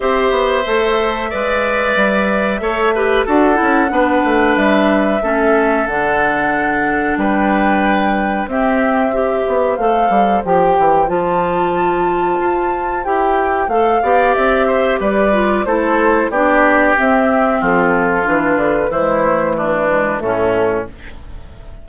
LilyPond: <<
  \new Staff \with { instrumentName = "flute" } { \time 4/4 \tempo 4 = 92 e''1~ | e''4 fis''2 e''4~ | e''4 fis''2 g''4~ | g''4 e''2 f''4 |
g''4 a''2. | g''4 f''4 e''4 d''4 | c''4 d''4 e''4 a'4 | b'4 c''4 b'4 a'4 | }
  \new Staff \with { instrumentName = "oboe" } { \time 4/4 c''2 d''2 | cis''8 b'8 a'4 b'2 | a'2. b'4~ | b'4 g'4 c''2~ |
c''1~ | c''4. d''4 c''8 b'4 | a'4 g'2 f'4~ | f'4 e'4 d'4 cis'4 | }
  \new Staff \with { instrumentName = "clarinet" } { \time 4/4 g'4 a'4 b'2 | a'8 g'8 fis'8 e'8 d'2 | cis'4 d'2.~ | d'4 c'4 g'4 a'4 |
g'4 f'2. | g'4 a'8 g'2 f'8 | e'4 d'4 c'2 | d'4 gis8 a4 gis8 a4 | }
  \new Staff \with { instrumentName = "bassoon" } { \time 4/4 c'8 b8 a4 gis4 g4 | a4 d'8 cis'8 b8 a8 g4 | a4 d2 g4~ | g4 c'4. b8 a8 g8 |
f8 e8 f2 f'4 | e'4 a8 b8 c'4 g4 | a4 b4 c'4 f4 | e8 d8 e2 a,4 | }
>>